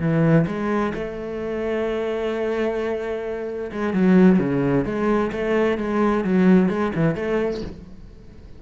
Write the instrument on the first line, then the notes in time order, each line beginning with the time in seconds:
cello
0.00 E3
0.47 G#3
0.94 A3
3.72 G#3
3.94 F#3
4.39 C#3
4.85 G#3
5.32 A3
5.78 G#3
6.24 F#3
6.69 G#3
6.95 E3
7.15 A3